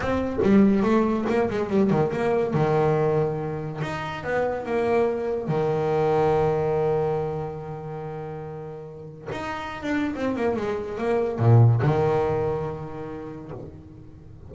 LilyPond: \new Staff \with { instrumentName = "double bass" } { \time 4/4 \tempo 4 = 142 c'4 g4 a4 ais8 gis8 | g8 dis8 ais4 dis2~ | dis4 dis'4 b4 ais4~ | ais4 dis2.~ |
dis1~ | dis2 dis'4~ dis'16 d'8. | c'8 ais8 gis4 ais4 ais,4 | dis1 | }